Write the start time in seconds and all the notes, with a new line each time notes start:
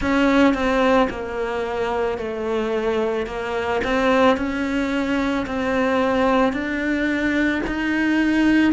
0.00 C#4
0.54 C4
1.10 A#3
2.18 A3
3.26 A#3
3.84 C4
4.36 C#4
5.46 C4
6.52 D4
7.67 D#4